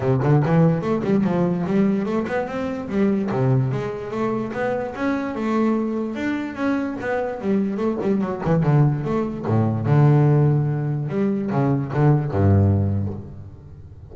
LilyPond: \new Staff \with { instrumentName = "double bass" } { \time 4/4 \tempo 4 = 146 c8 d8 e4 a8 g8 f4 | g4 a8 b8 c'4 g4 | c4 gis4 a4 b4 | cis'4 a2 d'4 |
cis'4 b4 g4 a8 g8 | fis8 e8 d4 a4 a,4 | d2. g4 | cis4 d4 g,2 | }